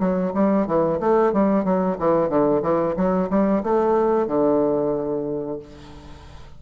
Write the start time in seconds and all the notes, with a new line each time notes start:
0.00 F#3
0.34 G3
0.67 E3
1.00 A3
1.33 G3
1.65 F#3
1.99 E3
2.30 D3
2.63 E3
2.97 F#3
3.30 G3
3.64 A3
4.28 D3